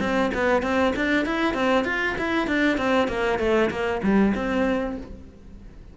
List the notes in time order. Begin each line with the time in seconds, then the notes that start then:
0.00 C4
0.34 B3
0.62 C4
0.96 D4
1.26 E4
1.54 C4
1.85 F4
2.18 E4
2.47 D4
2.78 C4
3.08 A#3
3.39 A3
3.70 A#3
4.03 G3
4.35 C4